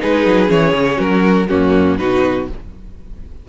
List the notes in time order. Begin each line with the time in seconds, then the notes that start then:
0.00 G#3 D#4 G#4 B4
0.26 F#3
0.47 E3 C#4 C#5
0.73 C#3
0.97 F#3 F#4 A#4
1.48 F#2 A#3 C#4 F#4
1.98 B2 D#4 F#4 B4